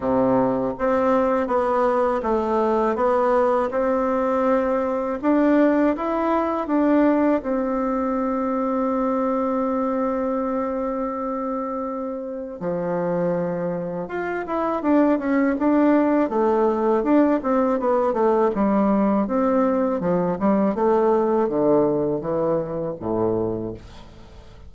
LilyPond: \new Staff \with { instrumentName = "bassoon" } { \time 4/4 \tempo 4 = 81 c4 c'4 b4 a4 | b4 c'2 d'4 | e'4 d'4 c'2~ | c'1~ |
c'4 f2 f'8 e'8 | d'8 cis'8 d'4 a4 d'8 c'8 | b8 a8 g4 c'4 f8 g8 | a4 d4 e4 a,4 | }